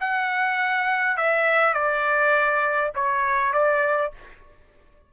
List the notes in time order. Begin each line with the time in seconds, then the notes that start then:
0.00 F#5
1.17 E5
1.74 D5
2.95 C#5
3.53 D5